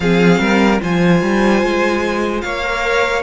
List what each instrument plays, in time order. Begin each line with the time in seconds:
0.00 cello F3, viola C4, violin G#4 F5
0.39 cello G3, violin A#4
0.80 cello F3, viola F4, violin C5 G#5
1.22 cello G3
1.62 cello G#3
2.41 cello A#3, violin C#5 F5
2.62 viola A#4